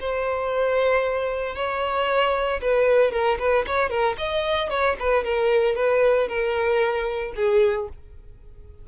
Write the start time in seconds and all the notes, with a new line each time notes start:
0.00 C5
1.55 C#5
2.61 B4
3.11 A#4
3.39 B4
3.66 C#5
3.89 A#4
4.17 D#5
4.70 C#5
4.99 B4
5.24 A#4
5.75 B4
6.28 A#4
7.35 G#4